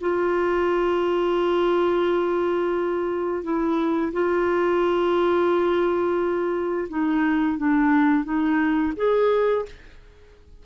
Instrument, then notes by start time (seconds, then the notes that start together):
clarinet
0.00 F4
3.43 E4
4.12 F4
6.89 D#4
7.57 D4
8.24 D#4
8.96 G#4